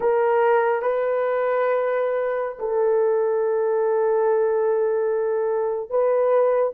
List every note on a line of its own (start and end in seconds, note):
0.00 0.82 A#4
0.82 2.57 B4
2.59 5.89 A4
5.89 6.72 B4